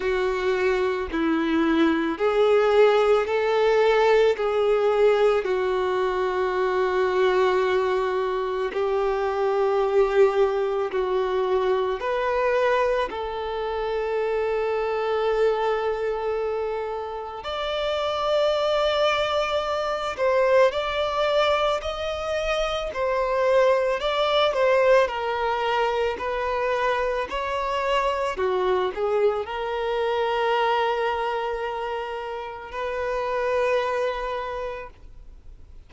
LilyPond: \new Staff \with { instrumentName = "violin" } { \time 4/4 \tempo 4 = 55 fis'4 e'4 gis'4 a'4 | gis'4 fis'2. | g'2 fis'4 b'4 | a'1 |
d''2~ d''8 c''8 d''4 | dis''4 c''4 d''8 c''8 ais'4 | b'4 cis''4 fis'8 gis'8 ais'4~ | ais'2 b'2 | }